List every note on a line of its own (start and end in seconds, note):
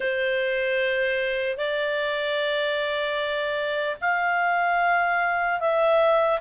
0.00 1.57 C5
1.57 3.97 D5
4.00 5.60 F5
5.60 6.40 E5